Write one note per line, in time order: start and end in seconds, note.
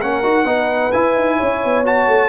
0.00 0.24 A#3
0.00 0.24 C#4
0.00 0.46 A#4
0.00 0.92 F#5
0.24 0.45 D#4
0.24 0.46 F#4
0.45 0.91 B3
0.45 0.92 D#4
0.45 1.37 B4
0.92 1.16 E4
0.92 1.85 E4
0.92 1.84 G#5
1.16 1.39 D#4
1.37 1.65 C#4
1.37 2.29 C#5
1.65 2.08 B3
1.85 2.29 F#4
1.85 2.29 A5
2.08 2.29 A3